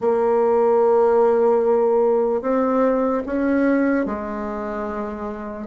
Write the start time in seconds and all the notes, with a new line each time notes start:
0.00 A#3
2.41 C4
3.25 C#4
4.05 G#3